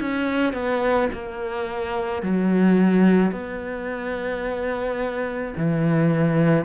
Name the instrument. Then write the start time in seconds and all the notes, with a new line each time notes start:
cello
0.00 C#4
0.53 B3
1.13 A#3
2.22 F#3
3.31 B3
5.57 E3